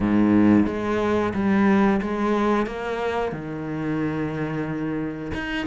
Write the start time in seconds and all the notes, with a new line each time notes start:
0.00 G#2
0.66 G#3
1.34 G3
2.02 G#3
2.66 A#3
3.32 D#3
5.34 D#4